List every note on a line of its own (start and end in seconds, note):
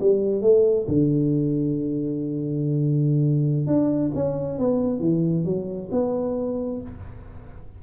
0.00 0.41 G3
0.41 0.86 A3
0.88 3.66 D3
3.66 4.11 D4
4.15 4.59 C#4
4.59 5.00 B3
5.00 5.45 E3
5.45 5.89 F#3
5.91 6.81 B3